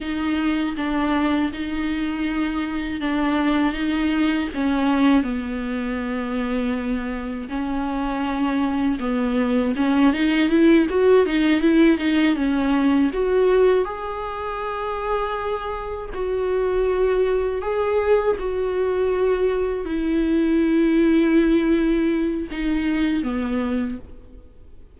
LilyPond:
\new Staff \with { instrumentName = "viola" } { \time 4/4 \tempo 4 = 80 dis'4 d'4 dis'2 | d'4 dis'4 cis'4 b4~ | b2 cis'2 | b4 cis'8 dis'8 e'8 fis'8 dis'8 e'8 |
dis'8 cis'4 fis'4 gis'4.~ | gis'4. fis'2 gis'8~ | gis'8 fis'2 e'4.~ | e'2 dis'4 b4 | }